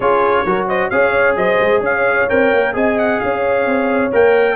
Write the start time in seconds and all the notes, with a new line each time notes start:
0.00 C#4 F4 G#4 C#5
0.45 F#3 F#4 A#4
0.67 C5 D#5
0.90 C#4 G#4 C#5 F5
1.36 F#3 C5 D#5
1.60 G#3
1.80 C#4 C#5 F5
2.29 C4 A#4 G5
2.52 A#3
2.73 C4 G#4 D#5 G#5
2.98 F#5
3.20 C#4 C#5 F5
3.65 C4
4.12 A#3 A#4 G5